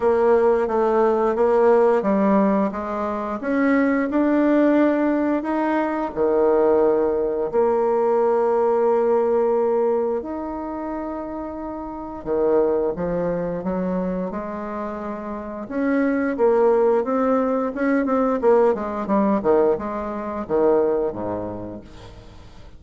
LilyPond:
\new Staff \with { instrumentName = "bassoon" } { \time 4/4 \tempo 4 = 88 ais4 a4 ais4 g4 | gis4 cis'4 d'2 | dis'4 dis2 ais4~ | ais2. dis'4~ |
dis'2 dis4 f4 | fis4 gis2 cis'4 | ais4 c'4 cis'8 c'8 ais8 gis8 | g8 dis8 gis4 dis4 gis,4 | }